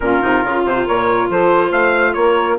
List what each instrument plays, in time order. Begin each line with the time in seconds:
0.00 bassoon A#2, clarinet C#4, saxophone F4, trumpet A#4
0.21 bassoon C3, clarinet D#4
0.43 bassoon C#3, clarinet F4
0.64 bassoon C3, trumpet C5
0.86 bassoon A#2, saxophone A#4, trumpet C#5
1.29 bassoon F3, saxophone A4, trumpet C5
1.69 bassoon A3, saxophone C5, trumpet F5
2.13 bassoon A#3, saxophone A#4, trumpet C#5